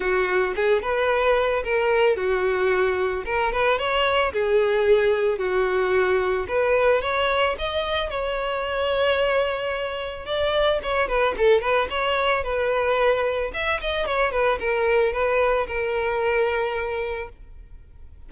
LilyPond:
\new Staff \with { instrumentName = "violin" } { \time 4/4 \tempo 4 = 111 fis'4 gis'8 b'4. ais'4 | fis'2 ais'8 b'8 cis''4 | gis'2 fis'2 | b'4 cis''4 dis''4 cis''4~ |
cis''2. d''4 | cis''8 b'8 a'8 b'8 cis''4 b'4~ | b'4 e''8 dis''8 cis''8 b'8 ais'4 | b'4 ais'2. | }